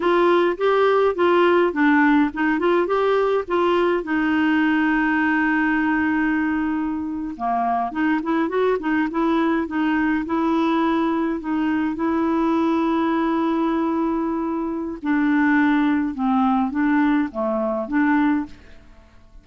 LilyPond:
\new Staff \with { instrumentName = "clarinet" } { \time 4/4 \tempo 4 = 104 f'4 g'4 f'4 d'4 | dis'8 f'8 g'4 f'4 dis'4~ | dis'1~ | dis'8. ais4 dis'8 e'8 fis'8 dis'8 e'16~ |
e'8. dis'4 e'2 dis'16~ | dis'8. e'2.~ e'16~ | e'2 d'2 | c'4 d'4 a4 d'4 | }